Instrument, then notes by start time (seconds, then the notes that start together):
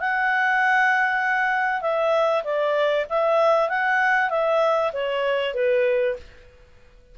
clarinet
0.00 F#5
1.81 E5
2.44 D5
3.10 E5
3.69 F#5
4.30 E5
4.93 C#5
5.54 B4